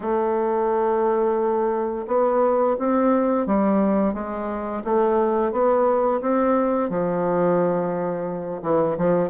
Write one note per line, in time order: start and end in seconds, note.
0.00 2.06 A3
2.07 2.76 B3
2.78 3.46 C4
3.46 4.13 G3
4.13 4.82 G#3
4.84 5.52 A3
5.52 6.21 B3
6.21 6.89 C4
6.89 8.61 F3
8.62 8.97 E3
8.97 9.29 F3